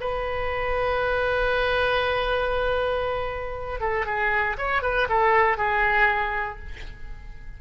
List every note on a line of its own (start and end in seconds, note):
0.00 3.80 B4
3.80 4.05 A4
4.06 4.56 G#4
4.57 4.82 C#5
4.82 5.08 B4
5.09 5.57 A4
5.57 6.59 G#4